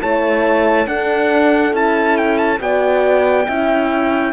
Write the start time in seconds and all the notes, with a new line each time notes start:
0.00 A3 E4 C#5 A5
0.86 D4 A4 F#5
1.71 C#4 E4 A5
2.17 G5
2.37 A5
2.59 B3 F#4 D5 G5
3.48 C#4 E4 E5